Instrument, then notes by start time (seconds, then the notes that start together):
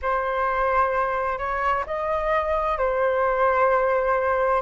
flute
0.02 C5
1.38 C#5
1.86 D#5
2.77 C5